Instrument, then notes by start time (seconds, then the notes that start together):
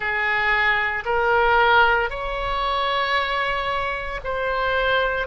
oboe
0.00 G#4
1.05 A#4
2.10 C#5
4.23 C5